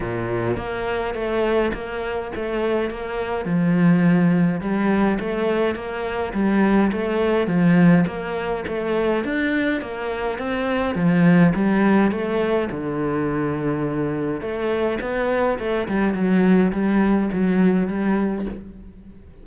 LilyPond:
\new Staff \with { instrumentName = "cello" } { \time 4/4 \tempo 4 = 104 ais,4 ais4 a4 ais4 | a4 ais4 f2 | g4 a4 ais4 g4 | a4 f4 ais4 a4 |
d'4 ais4 c'4 f4 | g4 a4 d2~ | d4 a4 b4 a8 g8 | fis4 g4 fis4 g4 | }